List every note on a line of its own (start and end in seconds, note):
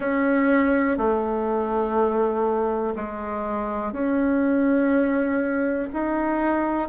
0.00 0.97 C#4
0.97 2.94 A3
2.95 3.92 G#3
3.92 5.88 C#4
5.93 6.88 D#4